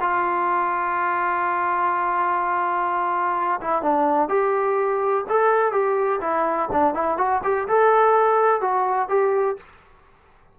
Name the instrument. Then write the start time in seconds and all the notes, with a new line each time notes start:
trombone
0.00 F4
3.60 E4
3.82 D4
4.28 G4
5.29 A4
5.72 G4
6.21 E4
6.72 D4
6.94 E4
7.17 F#4
7.43 G4
7.68 A4
8.61 F#4
9.09 G4